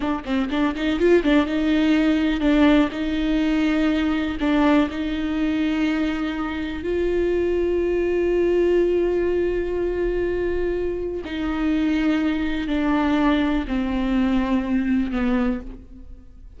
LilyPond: \new Staff \with { instrumentName = "viola" } { \time 4/4 \tempo 4 = 123 d'8 c'8 d'8 dis'8 f'8 d'8 dis'4~ | dis'4 d'4 dis'2~ | dis'4 d'4 dis'2~ | dis'2 f'2~ |
f'1~ | f'2. dis'4~ | dis'2 d'2 | c'2. b4 | }